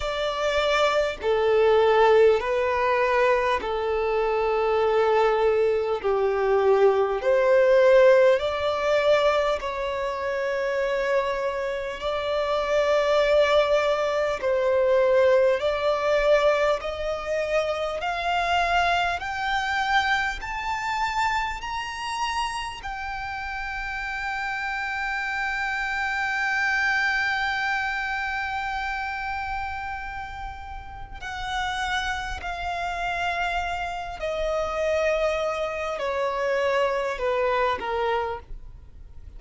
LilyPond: \new Staff \with { instrumentName = "violin" } { \time 4/4 \tempo 4 = 50 d''4 a'4 b'4 a'4~ | a'4 g'4 c''4 d''4 | cis''2 d''2 | c''4 d''4 dis''4 f''4 |
g''4 a''4 ais''4 g''4~ | g''1~ | g''2 fis''4 f''4~ | f''8 dis''4. cis''4 b'8 ais'8 | }